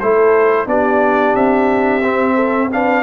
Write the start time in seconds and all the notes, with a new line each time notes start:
0.00 A3 E4 A4 C5
0.67 B3 D4 G4 D5
1.36 C4 E5
2.04 C4
2.35 A4
2.72 D4 B4 F5